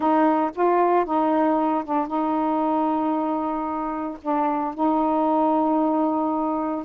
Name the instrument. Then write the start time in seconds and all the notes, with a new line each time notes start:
saxophone
0.00 D#4
0.55 F4
1.05 D#4
1.84 D4
2.07 D#4
4.22 D4
4.74 D#4